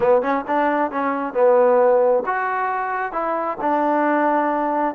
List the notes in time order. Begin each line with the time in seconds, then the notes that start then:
0.00 B3
0.22 C#4
0.47 D4
0.91 C#4
1.33 B3
2.26 F#4
3.12 E4
3.60 D4